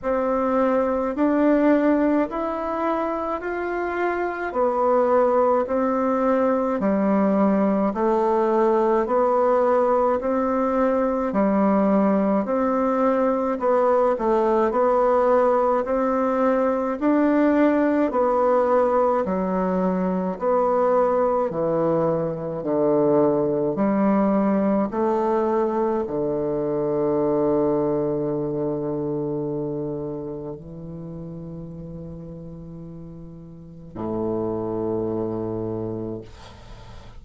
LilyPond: \new Staff \with { instrumentName = "bassoon" } { \time 4/4 \tempo 4 = 53 c'4 d'4 e'4 f'4 | b4 c'4 g4 a4 | b4 c'4 g4 c'4 | b8 a8 b4 c'4 d'4 |
b4 fis4 b4 e4 | d4 g4 a4 d4~ | d2. e4~ | e2 a,2 | }